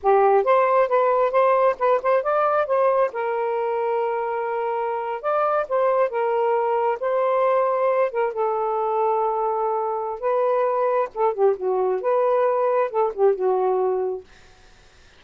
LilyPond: \new Staff \with { instrumentName = "saxophone" } { \time 4/4 \tempo 4 = 135 g'4 c''4 b'4 c''4 | b'8 c''8 d''4 c''4 ais'4~ | ais'2.~ ais'8. d''16~ | d''8. c''4 ais'2 c''16~ |
c''2~ c''16 ais'8 a'4~ a'16~ | a'2. b'4~ | b'4 a'8 g'8 fis'4 b'4~ | b'4 a'8 g'8 fis'2 | }